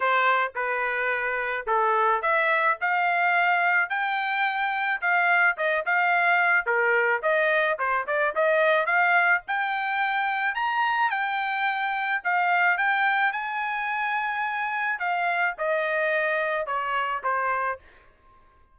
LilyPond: \new Staff \with { instrumentName = "trumpet" } { \time 4/4 \tempo 4 = 108 c''4 b'2 a'4 | e''4 f''2 g''4~ | g''4 f''4 dis''8 f''4. | ais'4 dis''4 c''8 d''8 dis''4 |
f''4 g''2 ais''4 | g''2 f''4 g''4 | gis''2. f''4 | dis''2 cis''4 c''4 | }